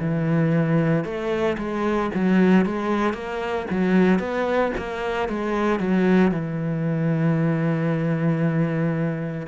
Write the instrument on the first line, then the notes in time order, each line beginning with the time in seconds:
cello
0.00 E3
1.04 A3
1.58 G#3
2.15 F#3
2.66 G#3
3.14 A#3
3.70 F#3
4.20 B3
4.78 A#3
5.29 G#3
5.80 F#3
6.32 E3